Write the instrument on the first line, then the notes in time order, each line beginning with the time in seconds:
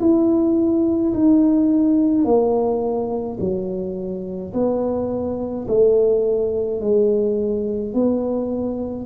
tuba
0.00 E4
1.14 D#4
2.25 A#3
3.40 F#3
4.53 B3
5.68 A3
6.81 G#3
7.93 B3